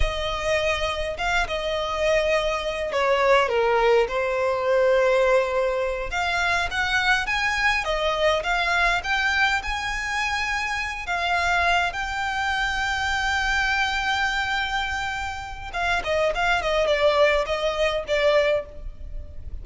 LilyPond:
\new Staff \with { instrumentName = "violin" } { \time 4/4 \tempo 4 = 103 dis''2 f''8 dis''4.~ | dis''4 cis''4 ais'4 c''4~ | c''2~ c''8 f''4 fis''8~ | fis''8 gis''4 dis''4 f''4 g''8~ |
g''8 gis''2~ gis''8 f''4~ | f''8 g''2.~ g''8~ | g''2. f''8 dis''8 | f''8 dis''8 d''4 dis''4 d''4 | }